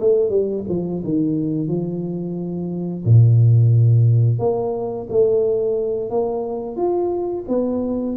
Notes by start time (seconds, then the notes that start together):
0.00 A3
0.29 G3
0.68 F3
1.04 D#3
1.68 F3
3.05 A#2
4.39 A#3
5.09 A3
6.10 A#3
6.76 F4
7.48 B3